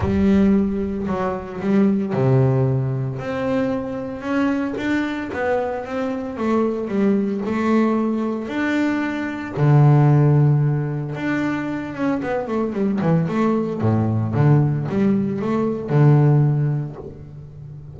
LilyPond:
\new Staff \with { instrumentName = "double bass" } { \time 4/4 \tempo 4 = 113 g2 fis4 g4 | c2 c'2 | cis'4 d'4 b4 c'4 | a4 g4 a2 |
d'2 d2~ | d4 d'4. cis'8 b8 a8 | g8 e8 a4 a,4 d4 | g4 a4 d2 | }